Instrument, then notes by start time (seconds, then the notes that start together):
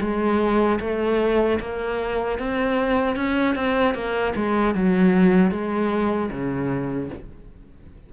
cello
0.00 G#3
0.80 A3
1.60 A#3
2.39 C4
3.16 C#4
3.55 C4
3.94 A#3
4.35 G#3
4.75 F#3
5.51 G#3
6.31 C#3